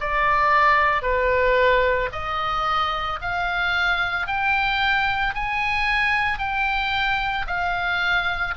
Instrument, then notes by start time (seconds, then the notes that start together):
oboe
0.00 D5
1.02 B4
2.12 D#5
3.21 F5
4.27 G5
5.34 G#5
6.38 G5
7.47 F5